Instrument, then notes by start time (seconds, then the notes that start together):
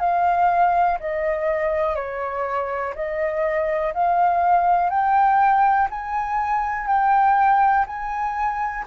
flute
0.00 F5
1.00 D#5
1.96 C#5
2.96 D#5
3.94 F5
4.90 G5
5.91 G#5
6.87 G5
7.87 G#5